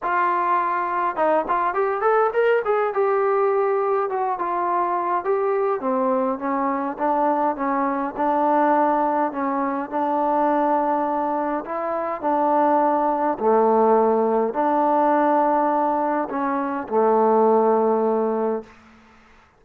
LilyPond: \new Staff \with { instrumentName = "trombone" } { \time 4/4 \tempo 4 = 103 f'2 dis'8 f'8 g'8 a'8 | ais'8 gis'8 g'2 fis'8 f'8~ | f'4 g'4 c'4 cis'4 | d'4 cis'4 d'2 |
cis'4 d'2. | e'4 d'2 a4~ | a4 d'2. | cis'4 a2. | }